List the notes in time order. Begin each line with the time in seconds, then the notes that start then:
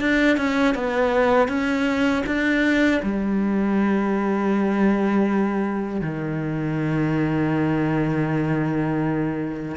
0.00 D4
0.37 C#4
0.75 B3
1.48 C#4
2.26 D4
3.02 G3
6.01 D#3